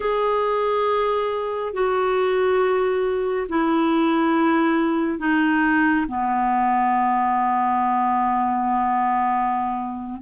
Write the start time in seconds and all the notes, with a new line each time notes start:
0.00 G#4
1.73 F#4
3.49 E4
5.19 D#4
6.08 B3